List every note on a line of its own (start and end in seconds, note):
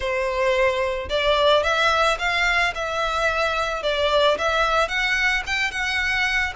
0.00 1.09 C5
1.09 1.63 D5
1.63 2.17 E5
2.18 2.73 F5
2.74 3.83 E5
3.83 4.37 D5
4.38 4.88 E5
4.88 5.42 F#5
5.46 5.71 G5
5.71 6.53 F#5